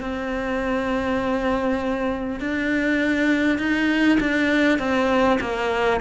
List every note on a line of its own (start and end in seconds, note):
0.00 2.39 C4
2.39 3.58 D4
3.58 4.18 D#4
4.19 4.78 D4
4.78 5.38 C4
5.40 6.00 A#3